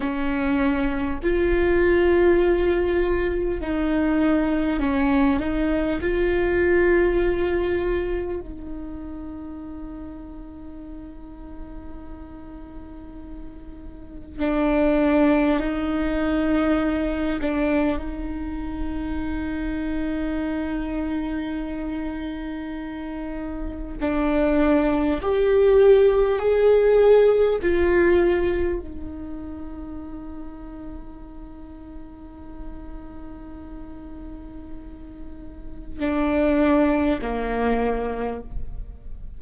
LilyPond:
\new Staff \with { instrumentName = "viola" } { \time 4/4 \tempo 4 = 50 cis'4 f'2 dis'4 | cis'8 dis'8 f'2 dis'4~ | dis'1 | d'4 dis'4. d'8 dis'4~ |
dis'1 | d'4 g'4 gis'4 f'4 | dis'1~ | dis'2 d'4 ais4 | }